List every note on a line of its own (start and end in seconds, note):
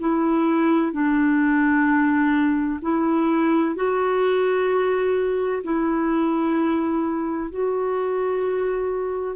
0.00 0.92 E4
0.92 2.80 D4
2.82 3.75 E4
3.75 5.63 F#4
5.64 7.51 E4
7.51 9.37 F#4